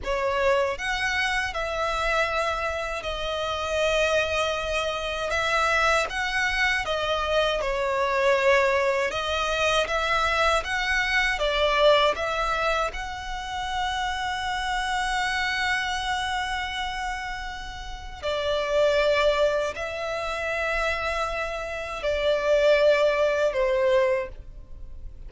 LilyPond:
\new Staff \with { instrumentName = "violin" } { \time 4/4 \tempo 4 = 79 cis''4 fis''4 e''2 | dis''2. e''4 | fis''4 dis''4 cis''2 | dis''4 e''4 fis''4 d''4 |
e''4 fis''2.~ | fis''1 | d''2 e''2~ | e''4 d''2 c''4 | }